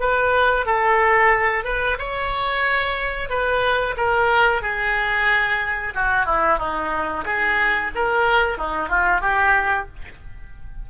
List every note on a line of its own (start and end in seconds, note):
0.00 0.66 B4
0.66 1.64 A4
1.64 1.97 B4
1.98 3.29 C#5
3.29 3.95 B4
3.97 4.62 A#4
4.62 5.94 G#4
5.95 6.26 F#4
6.26 6.58 E4
6.58 7.24 D#4
7.25 7.91 G#4
7.95 8.58 A#4
8.58 8.89 D#4
8.89 9.21 F4
9.21 9.87 G4